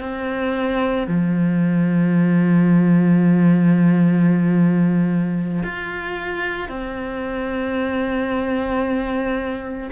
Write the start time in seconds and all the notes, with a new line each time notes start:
0.00 C4
1.07 F3
5.63 F4
6.69 C4